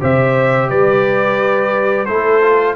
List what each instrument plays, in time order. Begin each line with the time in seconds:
0.00 tuba C3, trombone G4, horn C5, trumpet E5
0.70 tuba G3, horn B4, trumpet D5
2.05 tuba A3, trombone E4, horn A4, trumpet C5
2.42 trombone F4